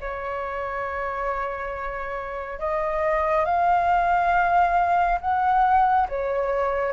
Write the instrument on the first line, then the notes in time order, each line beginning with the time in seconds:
flute
0.00 C#5
2.59 D#5
3.45 F5
5.20 F#5
6.09 C#5